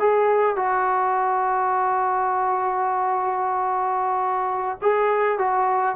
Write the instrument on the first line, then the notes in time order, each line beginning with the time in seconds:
trombone
0.00 G#4
0.56 F#4
4.82 G#4
5.39 F#4